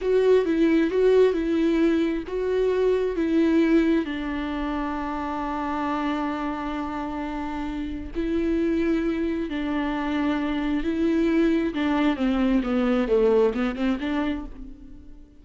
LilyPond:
\new Staff \with { instrumentName = "viola" } { \time 4/4 \tempo 4 = 133 fis'4 e'4 fis'4 e'4~ | e'4 fis'2 e'4~ | e'4 d'2.~ | d'1~ |
d'2 e'2~ | e'4 d'2. | e'2 d'4 c'4 | b4 a4 b8 c'8 d'4 | }